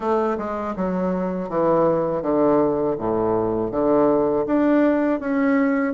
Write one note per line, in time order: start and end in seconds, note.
0.00 0.37 A3
0.37 0.74 G#3
0.76 1.48 F#3
1.48 2.22 E3
2.22 2.96 D3
2.98 3.71 A2
3.71 4.45 D3
4.46 5.20 D4
5.20 5.93 C#4